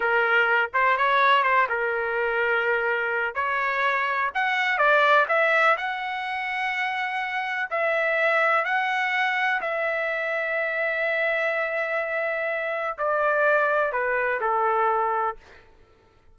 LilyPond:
\new Staff \with { instrumentName = "trumpet" } { \time 4/4 \tempo 4 = 125 ais'4. c''8 cis''4 c''8 ais'8~ | ais'2. cis''4~ | cis''4 fis''4 d''4 e''4 | fis''1 |
e''2 fis''2 | e''1~ | e''2. d''4~ | d''4 b'4 a'2 | }